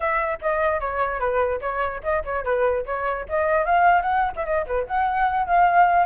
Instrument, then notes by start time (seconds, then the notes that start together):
flute
0.00 E5
0.41 D#5
0.80 C#5
1.19 B4
1.61 C#5
2.03 D#5
2.24 C#5
2.44 B4
2.85 C#5
3.28 D#5
3.65 F5
4.02 F#5
4.36 E5
4.45 D#5
4.66 B4
4.87 F#5
5.46 F5